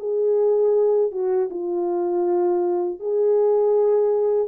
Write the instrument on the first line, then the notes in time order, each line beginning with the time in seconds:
horn
0.00 G#4
1.12 F#4
1.50 F4
3.00 G#4